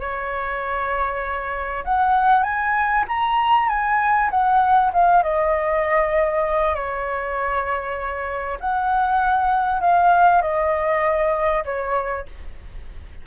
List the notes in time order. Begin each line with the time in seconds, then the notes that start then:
0.00 C#5
1.84 F#5
2.43 G#5
3.08 A#5
3.68 G#5
4.30 F#5
4.93 F5
5.22 D#5
6.74 C#5
8.60 F#5
9.81 F5
10.41 D#5
11.64 C#5